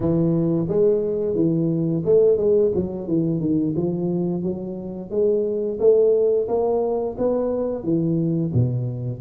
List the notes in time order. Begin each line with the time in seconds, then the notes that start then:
0.00 E3
0.68 G#3
1.35 E3
2.05 A3
2.37 G#3
2.74 F#3
3.07 E3
3.40 D#3
3.76 F3
4.42 F#3
5.10 G#3
5.79 A3
6.48 A#3
7.18 B3
7.83 E3
8.53 B2